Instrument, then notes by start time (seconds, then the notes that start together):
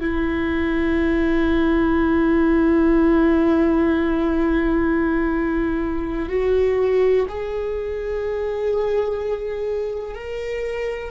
viola
0.00 E4
6.29 F#4
7.28 G#4
10.14 A#4